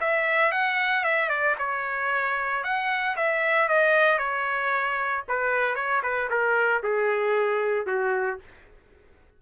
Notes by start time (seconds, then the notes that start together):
0.00 E5
0.51 F#5
1.04 E5
1.29 D5
1.58 C#5
2.63 F#5
3.16 E5
3.68 D#5
4.18 C#5
5.28 B4
5.75 C#5
6.03 B4
6.29 A#4
6.83 G#4
7.86 F#4